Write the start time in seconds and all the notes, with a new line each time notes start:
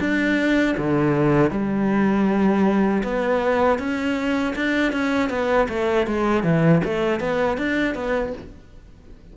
0.00 D4
0.78 D3
1.51 G3
3.03 B3
3.79 C#4
4.56 D4
4.93 C#4
5.30 B3
5.69 A3
6.07 G#3
6.44 E3
6.85 A3
7.20 B3
7.58 D4
7.95 B3